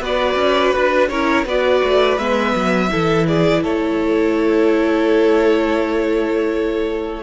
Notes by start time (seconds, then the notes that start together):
0.00 B3 F#4 B4 D5
0.36 C#4
0.72 D4 B4
1.09 C#4 E4 A#4 C#5
1.45 B3 F#4 B4 D5
1.84 A3
2.18 G#3 B3 E5
2.56 F#3
2.90 E3 E4 A4
3.28 G#4 D5
3.63 A3 A4 C#5